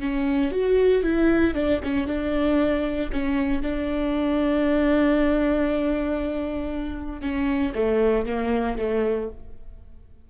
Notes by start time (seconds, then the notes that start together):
0.00 C#4
0.52 F#4
1.03 E4
1.55 D4
1.84 C#4
2.07 D4
3.12 C#4
3.63 D4
7.22 C#4
7.75 A3
8.26 A#3
8.78 A3